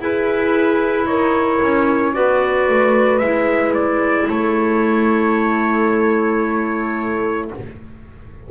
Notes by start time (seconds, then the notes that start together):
0.00 E4 G#4 B4
1.05 D#4 A#4 C#5
1.62 C#4
2.13 B3 F#4 B4 D5
2.69 A3
3.19 G#3 E4 E5
3.74 D5
4.29 A3 A4 C#5